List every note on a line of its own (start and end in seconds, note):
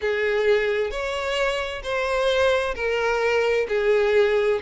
0.01 0.90 G#4
0.90 1.82 C#5
1.83 2.74 C5
2.75 3.66 A#4
3.68 4.60 G#4